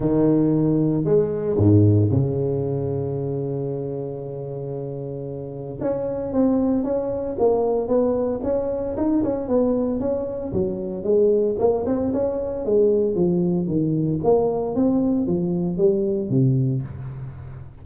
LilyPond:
\new Staff \with { instrumentName = "tuba" } { \time 4/4 \tempo 4 = 114 dis2 gis4 gis,4 | cis1~ | cis2. cis'4 | c'4 cis'4 ais4 b4 |
cis'4 dis'8 cis'8 b4 cis'4 | fis4 gis4 ais8 c'8 cis'4 | gis4 f4 dis4 ais4 | c'4 f4 g4 c4 | }